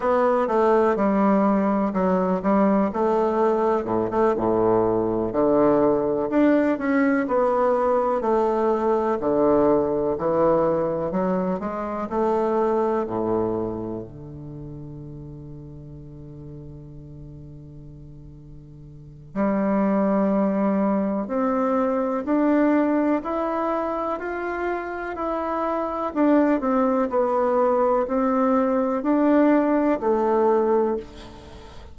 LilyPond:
\new Staff \with { instrumentName = "bassoon" } { \time 4/4 \tempo 4 = 62 b8 a8 g4 fis8 g8 a4 | a,16 a16 a,4 d4 d'8 cis'8 b8~ | b8 a4 d4 e4 fis8 | gis8 a4 a,4 d4.~ |
d1 | g2 c'4 d'4 | e'4 f'4 e'4 d'8 c'8 | b4 c'4 d'4 a4 | }